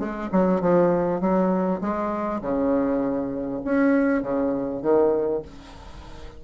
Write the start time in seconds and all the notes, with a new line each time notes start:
0.00 G#3
0.32 F#3
0.62 F3
1.21 F#3
1.82 G#3
2.42 C#3
3.65 C#4
4.23 C#3
4.83 D#3